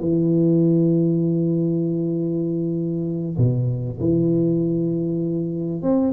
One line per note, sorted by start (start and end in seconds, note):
0.00 3.37 E3
3.38 3.99 B2
4.00 5.82 E3
5.82 6.13 C4